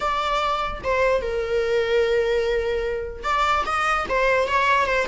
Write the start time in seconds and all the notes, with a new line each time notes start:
0.00 D5
0.83 C5
1.21 A#4
3.23 D5
3.66 D#5
4.09 C5
4.47 C#5
4.86 C5